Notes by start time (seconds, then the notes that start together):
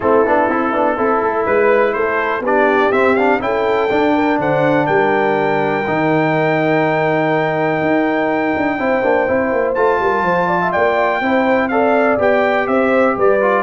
0.00 A3 C4 E4 A4
0.26 B3 D4
0.49 C4 E4
0.72 B3 D4
0.96 C4 E4 A4
1.20 A3
1.46 G#3 B4
1.93 A3 A4 C5
2.40 B3 D4 G4 D5
2.91 C4 E5
3.15 D4 F5
3.40 C#4 E4 A4 G5
3.89 D4
4.14 A#4
4.38 D3 C5 F#5
4.86 G3 A#4 G5
5.87 D#3 D#4
7.81 D#4
8.57 D4
8.78 C4 E4 C5
9.02 A#3 D4
9.27 C4 E4
9.52 A#3
9.74 A3 F4 A5
9.99 G3 A#4
10.22 F3 C5
10.47 D5
10.61 E5
10.72 A#3 D5 G5
11.20 C4 E4 C5
11.68 A4 D5 F5
12.18 B3 G4 G5
12.67 C4 C5 E5
13.16 G3 B4 D5
13.41 F4